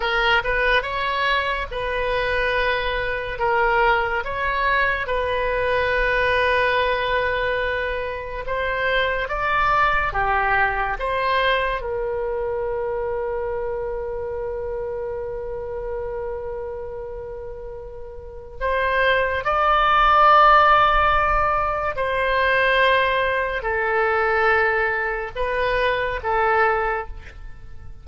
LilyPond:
\new Staff \with { instrumentName = "oboe" } { \time 4/4 \tempo 4 = 71 ais'8 b'8 cis''4 b'2 | ais'4 cis''4 b'2~ | b'2 c''4 d''4 | g'4 c''4 ais'2~ |
ais'1~ | ais'2 c''4 d''4~ | d''2 c''2 | a'2 b'4 a'4 | }